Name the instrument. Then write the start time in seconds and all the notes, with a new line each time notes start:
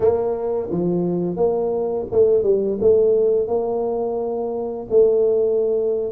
tuba
0.00 A#3
0.70 F3
1.36 A#3
2.11 A3
2.43 G3
2.80 A3
3.47 A#3
4.90 A3